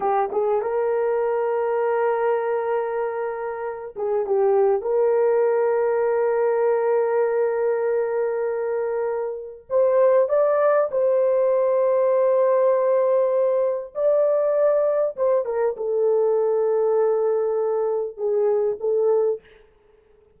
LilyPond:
\new Staff \with { instrumentName = "horn" } { \time 4/4 \tempo 4 = 99 g'8 gis'8 ais'2.~ | ais'2~ ais'8 gis'8 g'4 | ais'1~ | ais'1 |
c''4 d''4 c''2~ | c''2. d''4~ | d''4 c''8 ais'8 a'2~ | a'2 gis'4 a'4 | }